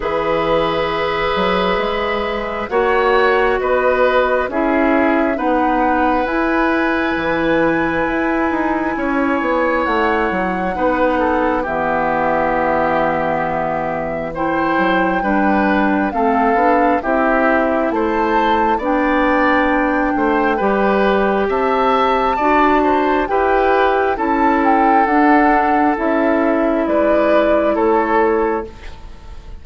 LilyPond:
<<
  \new Staff \with { instrumentName = "flute" } { \time 4/4 \tempo 4 = 67 e''2. fis''4 | dis''4 e''4 fis''4 gis''4~ | gis''2. fis''4~ | fis''4 e''2. |
g''2 f''4 e''4 | a''4 g''2. | a''2 g''4 a''8 g''8 | fis''4 e''4 d''4 cis''4 | }
  \new Staff \with { instrumentName = "oboe" } { \time 4/4 b'2. cis''4 | b'4 gis'4 b'2~ | b'2 cis''2 | b'8 a'8 g'2. |
c''4 b'4 a'4 g'4 | c''4 d''4. c''8 b'4 | e''4 d''8 c''8 b'4 a'4~ | a'2 b'4 a'4 | }
  \new Staff \with { instrumentName = "clarinet" } { \time 4/4 gis'2. fis'4~ | fis'4 e'4 dis'4 e'4~ | e'1 | dis'4 b2. |
e'4 d'4 c'8 d'8 e'4~ | e'4 d'2 g'4~ | g'4 fis'4 g'4 e'4 | d'4 e'2. | }
  \new Staff \with { instrumentName = "bassoon" } { \time 4/4 e4. fis8 gis4 ais4 | b4 cis'4 b4 e'4 | e4 e'8 dis'8 cis'8 b8 a8 fis8 | b4 e2.~ |
e8 fis8 g4 a8 b8 c'4 | a4 b4. a8 g4 | c'4 d'4 e'4 cis'4 | d'4 cis'4 gis4 a4 | }
>>